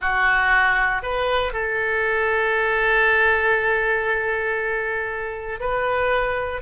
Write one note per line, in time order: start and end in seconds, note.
0.01 1.02 F#4
1.02 1.52 B4
1.52 5.59 A4
5.60 6.61 B4